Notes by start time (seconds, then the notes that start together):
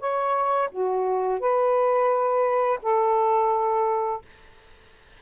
0.00 C#5
0.72 F#4
1.40 B4
2.83 A4